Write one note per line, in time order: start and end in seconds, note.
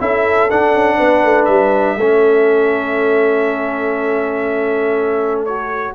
0.00 0.50 C#4
0.00 0.50 E4
0.00 0.97 A4
0.00 0.50 E5
0.50 1.99 D4
0.50 0.74 D4
0.50 1.45 F#5
0.74 0.99 C#4
0.97 1.24 B3
0.97 1.96 B4
1.24 1.48 A3
1.45 1.97 G3
1.45 5.41 E5
1.97 5.93 A3
1.97 5.48 C#4
1.97 5.94 A4
5.45 5.95 F#4
5.45 5.95 C#5